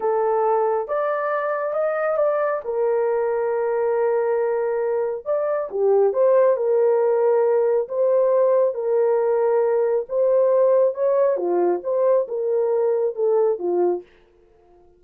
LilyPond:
\new Staff \with { instrumentName = "horn" } { \time 4/4 \tempo 4 = 137 a'2 d''2 | dis''4 d''4 ais'2~ | ais'1 | d''4 g'4 c''4 ais'4~ |
ais'2 c''2 | ais'2. c''4~ | c''4 cis''4 f'4 c''4 | ais'2 a'4 f'4 | }